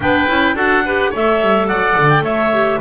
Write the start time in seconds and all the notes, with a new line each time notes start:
0.00 B3 D4 B4 G5
0.27 C#4 E4
0.54 D4 F#4 A4 F#5
0.85 G4 B4
1.10 A3 A4 C#5 E5
1.41 G3
1.67 F#3 D5 F#5
1.97 D3
2.09 G5
2.21 A3 C#5 E5
2.52 G4